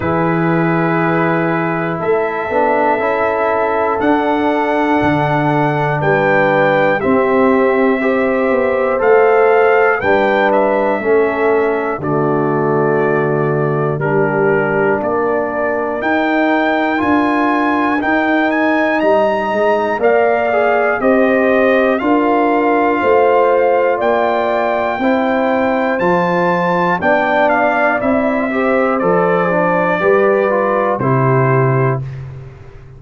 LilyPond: <<
  \new Staff \with { instrumentName = "trumpet" } { \time 4/4 \tempo 4 = 60 b'2 e''2 | fis''2 g''4 e''4~ | e''4 f''4 g''8 e''4. | d''2 ais'4 d''4 |
g''4 gis''4 g''8 gis''8 ais''4 | f''4 dis''4 f''2 | g''2 a''4 g''8 f''8 | e''4 d''2 c''4 | }
  \new Staff \with { instrumentName = "horn" } { \time 4/4 gis'2 a'2~ | a'2 b'4 g'4 | c''2 b'4 a'4 | fis'2 g'4 ais'4~ |
ais'2. dis''4 | d''4 c''4 ais'4 c''4 | d''4 c''2 d''4~ | d''8 c''4. b'4 g'4 | }
  \new Staff \with { instrumentName = "trombone" } { \time 4/4 e'2~ e'8 d'8 e'4 | d'2. c'4 | g'4 a'4 d'4 cis'4 | a2 d'2 |
dis'4 f'4 dis'2 | ais'8 gis'8 g'4 f'2~ | f'4 e'4 f'4 d'4 | e'8 g'8 a'8 d'8 g'8 f'8 e'4 | }
  \new Staff \with { instrumentName = "tuba" } { \time 4/4 e2 a8 b8 cis'4 | d'4 d4 g4 c'4~ | c'8 b8 a4 g4 a4 | d2 g4 ais4 |
dis'4 d'4 dis'4 g8 gis8 | ais4 c'4 d'4 a4 | ais4 c'4 f4 b4 | c'4 f4 g4 c4 | }
>>